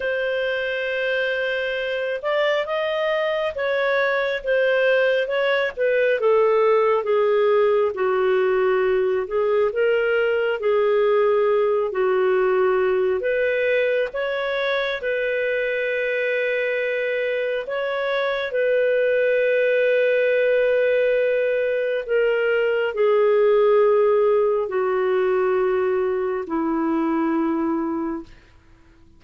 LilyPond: \new Staff \with { instrumentName = "clarinet" } { \time 4/4 \tempo 4 = 68 c''2~ c''8 d''8 dis''4 | cis''4 c''4 cis''8 b'8 a'4 | gis'4 fis'4. gis'8 ais'4 | gis'4. fis'4. b'4 |
cis''4 b'2. | cis''4 b'2.~ | b'4 ais'4 gis'2 | fis'2 e'2 | }